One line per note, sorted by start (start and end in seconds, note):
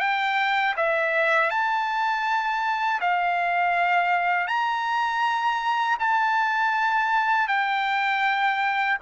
0.00 0.75 G5
0.77 1.51 E5
1.51 3.01 A5
3.01 4.48 F5
4.48 5.98 A#5
6.00 7.48 A5
7.48 8.98 G5